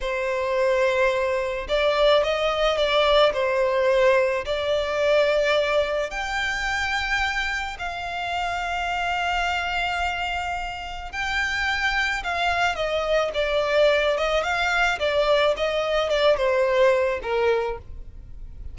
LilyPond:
\new Staff \with { instrumentName = "violin" } { \time 4/4 \tempo 4 = 108 c''2. d''4 | dis''4 d''4 c''2 | d''2. g''4~ | g''2 f''2~ |
f''1 | g''2 f''4 dis''4 | d''4. dis''8 f''4 d''4 | dis''4 d''8 c''4. ais'4 | }